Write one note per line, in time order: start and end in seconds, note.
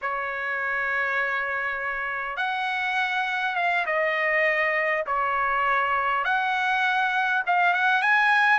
0.01 2.36 C#5
2.36 3.55 F#5
3.55 3.85 F5
3.86 5.04 D#5
5.06 6.24 C#5
6.24 7.43 F#5
7.46 7.73 F5
7.73 8.02 F#5
8.02 8.59 G#5